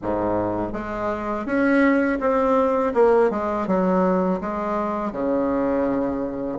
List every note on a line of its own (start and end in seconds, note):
0.02 0.73 G#2
0.73 1.45 G#3
1.45 2.19 C#4
2.20 2.93 C4
2.94 3.30 A#3
3.30 3.67 G#3
3.67 4.40 F#3
4.40 5.12 G#3
5.12 6.58 C#3